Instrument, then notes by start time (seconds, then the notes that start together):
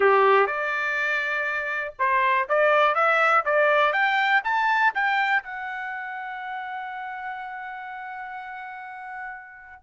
trumpet
0.00 G4
0.46 D5
1.98 C5
2.48 D5
2.94 E5
3.45 D5
3.92 G5
4.44 A5
4.94 G5
5.43 F#5